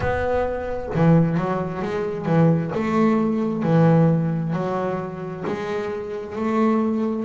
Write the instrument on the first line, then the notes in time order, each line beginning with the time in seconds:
double bass
0.00 B3
0.94 E3
1.37 F#3
1.82 G#3
2.25 E3
2.74 A3
3.62 E3
4.53 F#3
5.46 G#3
6.35 A3